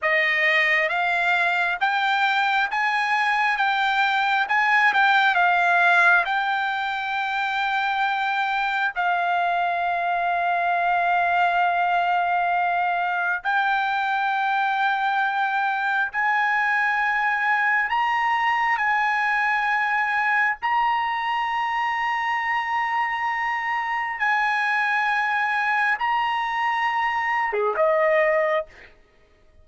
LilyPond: \new Staff \with { instrumentName = "trumpet" } { \time 4/4 \tempo 4 = 67 dis''4 f''4 g''4 gis''4 | g''4 gis''8 g''8 f''4 g''4~ | g''2 f''2~ | f''2. g''4~ |
g''2 gis''2 | ais''4 gis''2 ais''4~ | ais''2. gis''4~ | gis''4 ais''4.~ ais''16 gis'16 dis''4 | }